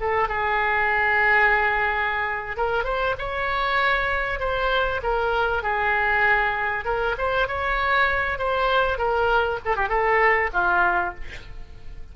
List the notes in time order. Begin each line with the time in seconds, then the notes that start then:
0.00 A4
0.28 G#4
2.56 A#4
2.84 C5
3.18 C#5
4.39 C5
5.02 A#4
5.62 G#4
6.85 A#4
7.18 C5
7.47 C#5
8.38 C5
8.97 A#4
9.65 A4
9.75 G4
9.88 A4
10.53 F4